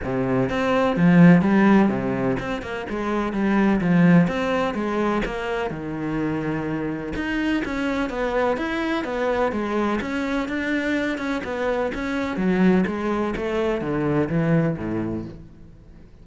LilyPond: \new Staff \with { instrumentName = "cello" } { \time 4/4 \tempo 4 = 126 c4 c'4 f4 g4 | c4 c'8 ais8 gis4 g4 | f4 c'4 gis4 ais4 | dis2. dis'4 |
cis'4 b4 e'4 b4 | gis4 cis'4 d'4. cis'8 | b4 cis'4 fis4 gis4 | a4 d4 e4 a,4 | }